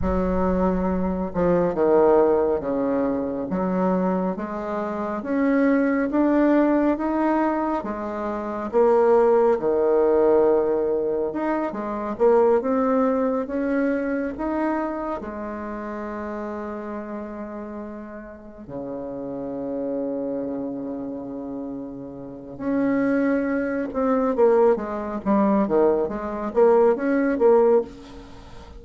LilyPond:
\new Staff \with { instrumentName = "bassoon" } { \time 4/4 \tempo 4 = 69 fis4. f8 dis4 cis4 | fis4 gis4 cis'4 d'4 | dis'4 gis4 ais4 dis4~ | dis4 dis'8 gis8 ais8 c'4 cis'8~ |
cis'8 dis'4 gis2~ gis8~ | gis4. cis2~ cis8~ | cis2 cis'4. c'8 | ais8 gis8 g8 dis8 gis8 ais8 cis'8 ais8 | }